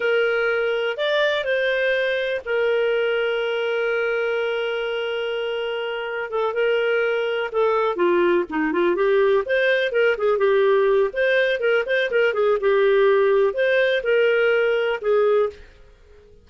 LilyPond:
\new Staff \with { instrumentName = "clarinet" } { \time 4/4 \tempo 4 = 124 ais'2 d''4 c''4~ | c''4 ais'2.~ | ais'1~ | ais'4 a'8 ais'2 a'8~ |
a'8 f'4 dis'8 f'8 g'4 c''8~ | c''8 ais'8 gis'8 g'4. c''4 | ais'8 c''8 ais'8 gis'8 g'2 | c''4 ais'2 gis'4 | }